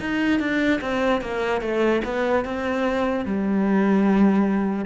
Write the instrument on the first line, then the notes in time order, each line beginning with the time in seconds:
cello
0.00 D#4
0.39 D4
0.81 C4
1.21 A#3
1.61 A3
2.05 B3
2.45 C4
3.25 G3